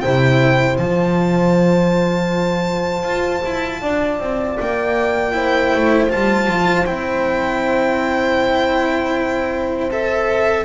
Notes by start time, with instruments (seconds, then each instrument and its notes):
0.00 double bass C3, cello E4, horn C5, violin G5
0.77 double bass F3, cello F4, violin A5
3.03 double bass F4
3.45 double bass E4
3.82 double bass D4, horn D5
4.19 double bass C4
4.60 double bass A#3, violin G5
5.32 cello E4, horn C5
5.75 double bass A3
6.09 double bass G3, cello F4, violin A5
6.47 double bass F3
6.85 double bass C4, cello E4, violin G5
9.90 cello A4, violin E5